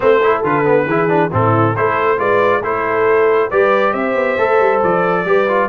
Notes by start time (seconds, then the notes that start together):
0.00 A3 C4 B4 C5
0.22 E4 A4
0.43 D3 F4 B4
0.64 B3
0.86 E3 E4 G#4
1.08 D4
1.31 A2 C4 E4 A4
1.74 A3 E4 A4 C5
2.17 G#3 F4 B4 D5
2.62 A3 E4 A4 C5
3.49 G3 G4 B4 D5
3.92 C4 C5 E5
4.14 B3
4.37 A3 A4
4.59 G3
4.83 F3 D5
5.25 G3 G4 B4
5.48 F4